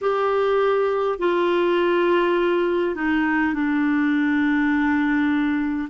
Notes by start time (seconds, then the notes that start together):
0.01 G4
1.18 F4
2.95 D#4
3.53 D4